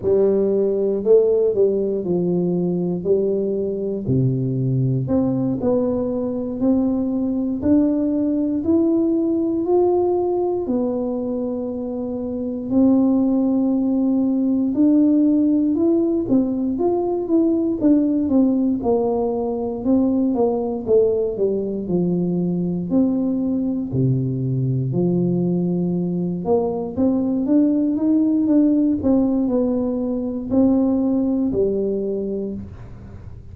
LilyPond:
\new Staff \with { instrumentName = "tuba" } { \time 4/4 \tempo 4 = 59 g4 a8 g8 f4 g4 | c4 c'8 b4 c'4 d'8~ | d'8 e'4 f'4 b4.~ | b8 c'2 d'4 e'8 |
c'8 f'8 e'8 d'8 c'8 ais4 c'8 | ais8 a8 g8 f4 c'4 c8~ | c8 f4. ais8 c'8 d'8 dis'8 | d'8 c'8 b4 c'4 g4 | }